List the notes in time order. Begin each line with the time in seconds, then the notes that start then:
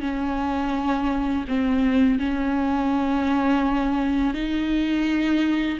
0.00 C#4
1.48 C4
2.19 C#4
4.34 D#4